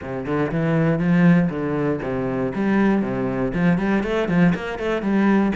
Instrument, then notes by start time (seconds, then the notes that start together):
cello
0.01 C3
0.25 D3
0.51 E3
0.98 F3
1.49 D3
2.02 C3
2.54 G3
3.02 C3
3.54 F3
3.77 G3
4.03 A3
4.28 F3
4.54 A#3
4.78 A3
5.01 G3